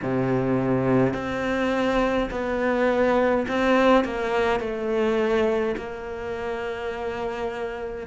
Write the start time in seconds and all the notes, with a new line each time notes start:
0.02 C3
1.13 C4
2.31 B3
3.48 C4
4.04 A#3
4.59 A3
5.76 A#3